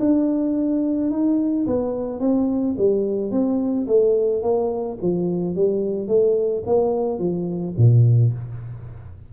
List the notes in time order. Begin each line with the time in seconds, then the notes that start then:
0.00 D4
1.11 D#4
1.67 B3
2.20 C4
2.78 G3
3.32 C4
3.88 A3
4.43 A#3
5.02 F3
5.56 G3
6.08 A3
6.66 A#3
7.19 F3
7.78 A#2